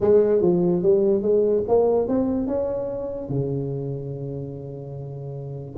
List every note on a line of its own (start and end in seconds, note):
0.01 0.41 G#3
0.41 0.82 F3
0.82 1.22 G3
1.22 1.63 G#3
1.68 2.08 A#3
2.08 2.47 C4
2.47 3.29 C#4
3.29 5.75 C#3